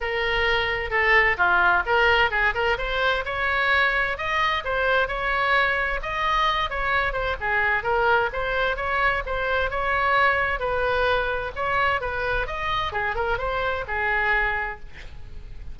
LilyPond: \new Staff \with { instrumentName = "oboe" } { \time 4/4 \tempo 4 = 130 ais'2 a'4 f'4 | ais'4 gis'8 ais'8 c''4 cis''4~ | cis''4 dis''4 c''4 cis''4~ | cis''4 dis''4. cis''4 c''8 |
gis'4 ais'4 c''4 cis''4 | c''4 cis''2 b'4~ | b'4 cis''4 b'4 dis''4 | gis'8 ais'8 c''4 gis'2 | }